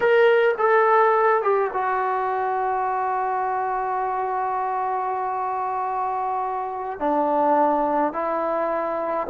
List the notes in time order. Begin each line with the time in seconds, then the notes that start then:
0.00 A#4
0.58 A4
1.42 G4
1.73 F#4
6.99 D4
8.12 E4